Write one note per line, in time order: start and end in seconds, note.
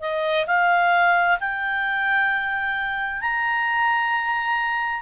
0.00 0.45 D#5
0.47 1.38 F5
1.40 3.21 G5
3.21 5.01 A#5